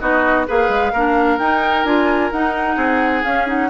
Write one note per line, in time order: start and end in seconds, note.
0.00 0.47 B3
0.00 0.46 D#4
0.00 0.47 F#4
0.00 0.46 D#5
0.46 0.69 A#3
0.46 0.93 G#4
0.46 0.92 B4
0.46 1.38 F5
0.69 0.92 G#3
0.92 1.39 A#3
0.92 1.39 D4
0.92 2.76 A#4
1.38 1.84 D#4
1.38 1.85 D#4
1.38 1.84 G5
1.84 2.30 D4
1.84 2.31 F4
1.84 2.31 G#5
2.32 2.76 D#4
2.32 3.24 D#4
2.32 3.24 F#5
2.76 3.23 C4
2.76 3.68 G#4
3.24 3.47 C#4
3.24 3.69 C#4
3.24 3.47 F5
3.47 3.69 D#4
3.47 3.69 F#5